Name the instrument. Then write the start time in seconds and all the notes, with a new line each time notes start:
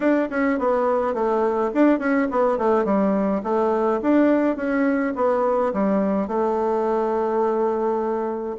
bassoon
0.00 D4
0.30 C#4
0.59 B3
1.14 A3
1.74 D4
1.99 C#4
2.30 B3
2.57 A3
2.84 G3
3.43 A3
4.02 D4
4.56 C#4
5.15 B3
5.73 G3
6.27 A3